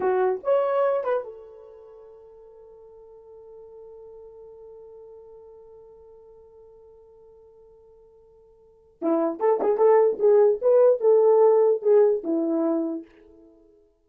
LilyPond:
\new Staff \with { instrumentName = "horn" } { \time 4/4 \tempo 4 = 147 fis'4 cis''4. b'8 a'4~ | a'1~ | a'1~ | a'1~ |
a'1~ | a'2 e'4 a'8 gis'8 | a'4 gis'4 b'4 a'4~ | a'4 gis'4 e'2 | }